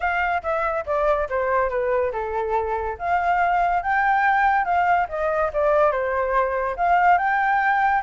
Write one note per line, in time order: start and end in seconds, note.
0.00 0.42 F5
0.42 0.85 E5
0.86 1.28 D5
1.29 1.69 C5
1.69 2.11 B4
2.12 2.97 A4
2.98 3.82 F5
3.82 4.65 G5
4.65 5.07 F5
5.08 5.51 D#5
5.53 5.91 D5
5.91 6.75 C5
6.76 7.18 F5
7.18 8.02 G5